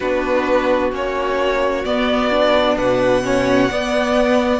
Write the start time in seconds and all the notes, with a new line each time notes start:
0.00 B3 D4 F#4 B4
0.92 A#3 C#4 C#5
1.85 B3 D5
2.30 D4
2.77 B2 B4 F#5
3.23 C#4 C#5
3.70 B3 D5